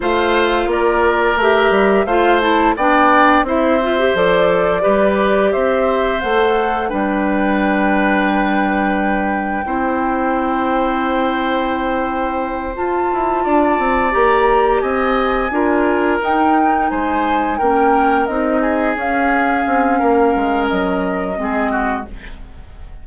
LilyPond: <<
  \new Staff \with { instrumentName = "flute" } { \time 4/4 \tempo 4 = 87 f''4 d''4 e''4 f''8 a''8 | g''4 e''4 d''2 | e''4 fis''4 g''2~ | g''1~ |
g''2~ g''8 a''4.~ | a''8 ais''4 gis''2 g''8~ | g''8 gis''4 g''4 dis''4 f''8~ | f''2 dis''2 | }
  \new Staff \with { instrumentName = "oboe" } { \time 4/4 c''4 ais'2 c''4 | d''4 c''2 b'4 | c''2 b'2~ | b'2 c''2~ |
c''2.~ c''8 d''8~ | d''4. dis''4 ais'4.~ | ais'8 c''4 ais'4. gis'4~ | gis'4 ais'2 gis'8 fis'8 | }
  \new Staff \with { instrumentName = "clarinet" } { \time 4/4 f'2 g'4 f'8 e'8 | d'4 e'8 f'16 g'16 a'4 g'4~ | g'4 a'4 d'2~ | d'2 e'2~ |
e'2~ e'8 f'4.~ | f'8 g'2 f'4 dis'8~ | dis'4. cis'4 dis'4 cis'8~ | cis'2. c'4 | }
  \new Staff \with { instrumentName = "bassoon" } { \time 4/4 a4 ais4 a8 g8 a4 | b4 c'4 f4 g4 | c'4 a4 g2~ | g2 c'2~ |
c'2~ c'8 f'8 e'8 d'8 | c'8 ais4 c'4 d'4 dis'8~ | dis'8 gis4 ais4 c'4 cis'8~ | cis'8 c'8 ais8 gis8 fis4 gis4 | }
>>